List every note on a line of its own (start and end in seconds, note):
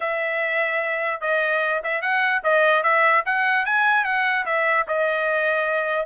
0.00 1.21 E5
1.21 1.81 D#5
1.83 2.01 E5
2.01 2.42 F#5
2.43 2.83 D#5
2.83 3.23 E5
3.25 3.65 F#5
3.65 4.04 G#5
4.04 4.45 F#5
4.45 4.86 E5
4.87 6.06 D#5